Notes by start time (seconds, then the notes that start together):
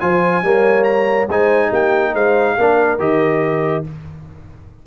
0.00 F3 F4 C5 G#5
0.42 G3 A#3 C#5
0.84 A#5
1.28 G#3 D#4 C5 G#5
1.70 A#3 G4 G5
2.14 G#3 C5 F5
2.58 A#3 D4 A#4
2.99 D#3 G4 D#5